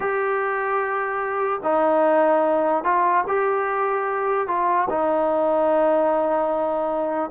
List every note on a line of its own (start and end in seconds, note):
0.00 1.60 G4
1.63 2.83 D#4
2.83 3.24 F4
3.27 4.47 G4
4.47 4.88 F4
4.89 7.30 D#4